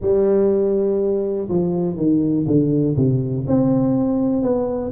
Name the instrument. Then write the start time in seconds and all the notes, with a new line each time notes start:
tuba
0.00 G3
1.48 F3
1.96 D#3
2.46 D3
2.96 C3
3.47 C4
4.42 B3